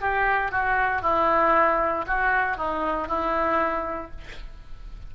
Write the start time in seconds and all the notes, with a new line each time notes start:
0.00 G4
0.51 F#4
1.02 E4
2.06 F#4
2.57 D#4
3.07 E4